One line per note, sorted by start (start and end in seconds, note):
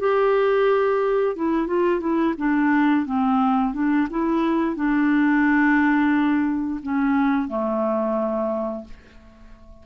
0.00 1.36 G4
1.36 1.68 E4
1.68 2.01 F4
2.01 2.35 E4
2.38 3.06 D4
3.06 3.74 C4
3.74 4.08 D4
4.11 4.76 E4
4.76 6.81 D4
6.83 7.49 C#4
7.49 8.85 A3